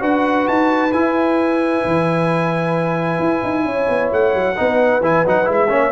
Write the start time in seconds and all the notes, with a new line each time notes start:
0.00 D4 F#4 B4 F#5
0.48 D#4 A5
0.92 E4 G#5
1.85 E3
3.19 E4
3.44 D#4
3.65 C#4 C#5
3.89 B3
4.12 A3 F#5
4.34 F#3
4.56 B3 D#4 B4
5.00 E3 E4 G#5
5.26 F#3 D#4 F#5
5.45 G#3 E4
5.52 E5
5.69 A#3 C#4 C#5